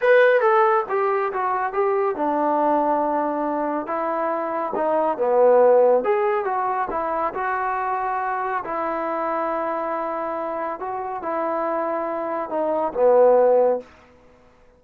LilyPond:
\new Staff \with { instrumentName = "trombone" } { \time 4/4 \tempo 4 = 139 b'4 a'4 g'4 fis'4 | g'4 d'2.~ | d'4 e'2 dis'4 | b2 gis'4 fis'4 |
e'4 fis'2. | e'1~ | e'4 fis'4 e'2~ | e'4 dis'4 b2 | }